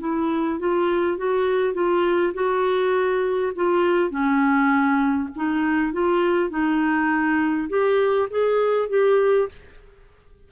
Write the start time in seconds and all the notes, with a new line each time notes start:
0.00 E4
0.60 F4
1.18 F#4
1.74 F4
2.34 F#4
3.56 F4
4.10 C#4
5.36 D#4
5.93 F4
6.50 D#4
7.69 G4
8.30 G#4
8.89 G4